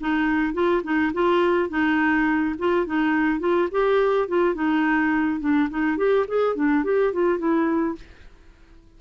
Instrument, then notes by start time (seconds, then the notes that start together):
clarinet
0.00 D#4
0.53 F4
0.83 D#4
1.13 F4
1.69 D#4
2.58 F4
2.86 D#4
3.39 F4
3.71 G4
4.28 F4
4.55 D#4
5.40 D4
5.69 D#4
5.97 G4
6.28 G#4
6.55 D4
6.84 G4
7.13 F4
7.38 E4